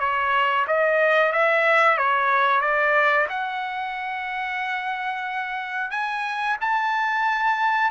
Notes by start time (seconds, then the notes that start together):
0.00 C#5
0.67 D#5
1.33 E5
1.98 C#5
2.61 D5
3.30 F#5
5.91 G#5
6.61 A5